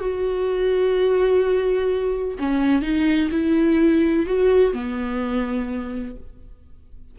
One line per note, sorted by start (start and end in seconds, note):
0.00 2.38 F#4
2.39 2.82 C#4
2.82 3.30 D#4
3.31 4.26 E4
4.26 4.74 F#4
4.74 6.16 B3